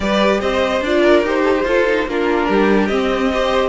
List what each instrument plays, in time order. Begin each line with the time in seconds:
0.00 cello G3, viola G4, violin B4 D5
0.41 cello C4, violin C5 D#5
0.80 cello D4, viola F4, violin D5
1.00 violin A#4
1.22 cello D#4, viola G4, violin C5
1.43 violin A4
1.54 violin G4
1.64 cello F4, viola F4, violin A4
1.87 viola D#4
2.05 cello A#3, viola D4, violin F4 A#4
2.48 cello G3, violin G4
2.87 viola C4, cello C4, violin D#5
3.32 viola G4, violin C5